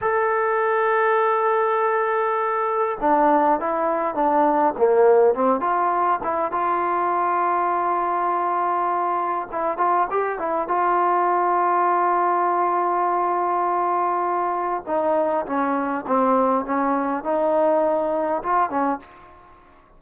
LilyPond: \new Staff \with { instrumentName = "trombone" } { \time 4/4 \tempo 4 = 101 a'1~ | a'4 d'4 e'4 d'4 | ais4 c'8 f'4 e'8 f'4~ | f'1 |
e'8 f'8 g'8 e'8 f'2~ | f'1~ | f'4 dis'4 cis'4 c'4 | cis'4 dis'2 f'8 cis'8 | }